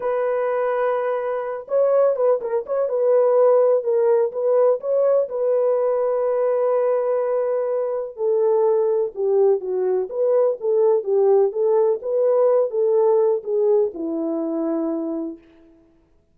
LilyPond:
\new Staff \with { instrumentName = "horn" } { \time 4/4 \tempo 4 = 125 b'2.~ b'8 cis''8~ | cis''8 b'8 ais'8 cis''8 b'2 | ais'4 b'4 cis''4 b'4~ | b'1~ |
b'4 a'2 g'4 | fis'4 b'4 a'4 g'4 | a'4 b'4. a'4. | gis'4 e'2. | }